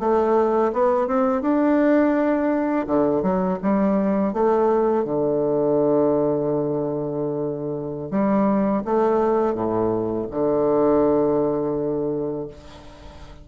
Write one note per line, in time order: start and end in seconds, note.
0.00 0.72 A3
0.73 1.07 B3
1.07 1.42 C4
1.42 2.87 D4
2.87 3.23 D3
3.23 3.59 F#3
3.62 4.33 G3
4.33 5.05 A3
5.05 8.11 D3
8.11 8.84 G3
8.85 9.55 A3
9.55 10.27 A2
10.31 12.48 D3